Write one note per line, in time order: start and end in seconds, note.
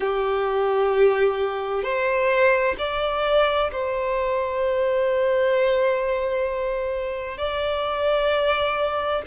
0.00 1.83 G4
1.83 2.75 C5
2.78 3.70 D5
3.72 7.37 C5
7.37 9.22 D5